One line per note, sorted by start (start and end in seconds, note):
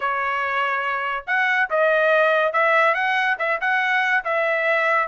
0.00 1.24 C#5
1.27 1.69 F#5
1.70 2.53 D#5
2.53 2.94 E5
2.94 3.36 F#5
3.38 3.60 E5
3.60 4.24 F#5
4.24 5.07 E5